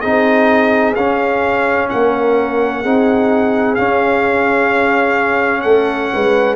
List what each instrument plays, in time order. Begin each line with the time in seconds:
0.00 tuba C4, trombone D#4, horn G#4, trumpet D#5
0.95 tuba C#4, trombone C#4, trumpet F5
1.89 tuba A#3, horn A#4, trumpet F#5
2.81 tuba C4, trombone D#4, horn G#4
3.75 trombone C#4, tuba C#4, trumpet F5
5.61 tuba A3, horn A4, trumpet F#5
6.13 tuba G#3, horn B4